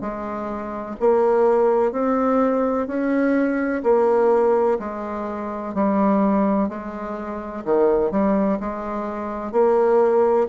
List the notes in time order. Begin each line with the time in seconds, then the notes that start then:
0.00 G#3
1.00 A#3
1.91 C4
2.87 C#4
3.83 A#3
4.79 G#3
5.74 G3
6.68 G#3
7.64 D#3
8.11 G3
8.59 G#3
9.52 A#3